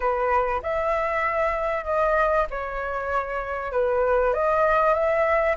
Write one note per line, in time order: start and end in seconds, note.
0.00 0.61 B4
0.62 1.84 E5
1.84 2.46 D#5
2.50 3.71 C#5
3.71 4.33 B4
4.33 4.93 D#5
4.93 5.55 E5